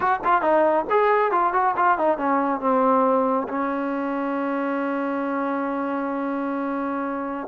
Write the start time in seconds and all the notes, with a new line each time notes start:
0.00 F#4
0.24 F4
0.41 D#4
0.90 G#4
1.31 F4
1.53 F#4
1.76 F4
1.97 D#4
2.17 C#4
2.60 C4
3.48 C#4